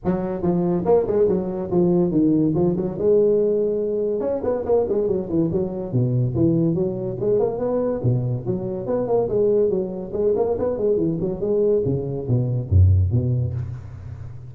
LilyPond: \new Staff \with { instrumentName = "tuba" } { \time 4/4 \tempo 4 = 142 fis4 f4 ais8 gis8 fis4 | f4 dis4 f8 fis8 gis4~ | gis2 cis'8 b8 ais8 gis8 | fis8 e8 fis4 b,4 e4 |
fis4 gis8 ais8 b4 b,4 | fis4 b8 ais8 gis4 fis4 | gis8 ais8 b8 gis8 e8 fis8 gis4 | cis4 b,4 fis,4 b,4 | }